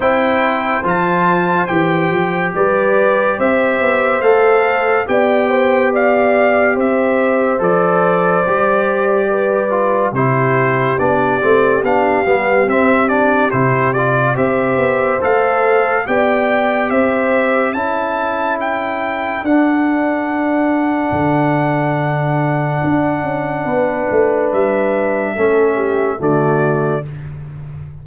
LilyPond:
<<
  \new Staff \with { instrumentName = "trumpet" } { \time 4/4 \tempo 4 = 71 g''4 a''4 g''4 d''4 | e''4 f''4 g''4 f''4 | e''4 d''2. | c''4 d''4 f''4 e''8 d''8 |
c''8 d''8 e''4 f''4 g''4 | e''4 a''4 g''4 fis''4~ | fis''1~ | fis''4 e''2 d''4 | }
  \new Staff \with { instrumentName = "horn" } { \time 4/4 c''2. b'4 | c''2 d''8 c''8 d''4 | c''2. b'4 | g'1~ |
g'4 c''2 d''4 | c''4 a'2.~ | a'1 | b'2 a'8 g'8 fis'4 | }
  \new Staff \with { instrumentName = "trombone" } { \time 4/4 e'4 f'4 g'2~ | g'4 a'4 g'2~ | g'4 a'4 g'4. f'8 | e'4 d'8 c'8 d'8 b8 c'8 d'8 |
e'8 f'8 g'4 a'4 g'4~ | g'4 e'2 d'4~ | d'1~ | d'2 cis'4 a4 | }
  \new Staff \with { instrumentName = "tuba" } { \time 4/4 c'4 f4 e8 f8 g4 | c'8 b8 a4 b2 | c'4 f4 g2 | c4 b8 a8 b8 g8 c'4 |
c4 c'8 b8 a4 b4 | c'4 cis'2 d'4~ | d'4 d2 d'8 cis'8 | b8 a8 g4 a4 d4 | }
>>